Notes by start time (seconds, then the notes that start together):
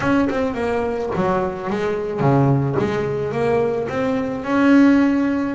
0.00 C#4
0.29 C4
0.54 A#3
1.15 F#3
1.69 G#3
2.20 C#3
2.79 G#3
3.32 A#3
3.88 C4
4.43 C#4